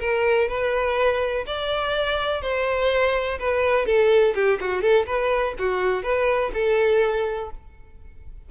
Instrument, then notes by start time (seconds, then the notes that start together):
violin
0.00 A#4
0.48 B4
1.47 D5
2.42 C5
3.39 B4
3.86 A4
4.35 G4
4.61 F#4
4.82 A4
5.07 B4
5.59 F#4
6.03 B4
6.54 A4